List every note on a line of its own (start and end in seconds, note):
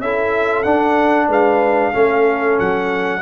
0.00 0.65 C#4
0.00 0.64 E4
0.00 1.28 A4
0.00 0.63 E5
0.63 1.93 D4
0.63 1.28 D4
0.63 1.27 F#5
1.28 1.93 G#3
1.28 1.92 B4
1.28 2.59 F5
1.93 2.59 A3
1.93 3.22 C#4
1.93 3.22 A4
2.59 3.22 F#3
2.59 3.22 F#5